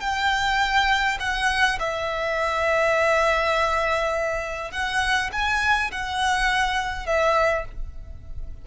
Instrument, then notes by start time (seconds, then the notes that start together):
violin
0.00 G5
1.20 F#5
1.79 E5
4.71 F#5
5.32 G#5
5.91 F#5
7.06 E5